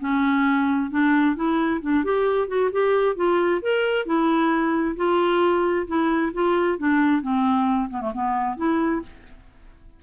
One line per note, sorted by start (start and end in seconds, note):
0.00 0.90 C#4
0.90 1.35 D4
1.35 1.80 E4
1.81 2.04 D4
2.04 2.48 G4
2.48 2.70 F#4
2.71 3.15 G4
3.15 3.60 F4
3.61 4.05 A#4
4.05 4.95 E4
4.96 5.86 F4
5.87 6.32 E4
6.33 6.78 F4
6.78 7.22 D4
7.22 7.89 C4
7.90 8.01 B3
8.01 8.12 A3
8.14 8.56 B3
8.56 9.01 E4